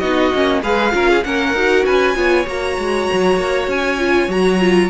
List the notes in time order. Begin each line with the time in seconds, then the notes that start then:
0.00 B3 D#4 F#4 D#5
0.35 A#3 C#4
0.63 G#3 G#4 B4 F5
0.92 C#4 F4 A#4
1.10 G#4
1.24 A#3 C#4 A#4 F#5
1.55 D#4 F#4
1.86 C#4 B4 G#5
2.16 B3 F4 C#5
2.47 A#3 F#4 A#5
2.79 G#3
3.13 F#3
3.37 A#3
3.68 C#4 G#5
3.99 F4
4.28 F#3 F#4 A#5
4.60 F4